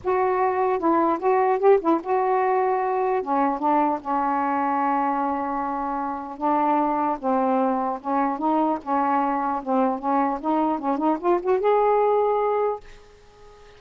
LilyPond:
\new Staff \with { instrumentName = "saxophone" } { \time 4/4 \tempo 4 = 150 fis'2 e'4 fis'4 | g'8 e'8 fis'2. | cis'4 d'4 cis'2~ | cis'1 |
d'2 c'2 | cis'4 dis'4 cis'2 | c'4 cis'4 dis'4 cis'8 dis'8 | f'8 fis'8 gis'2. | }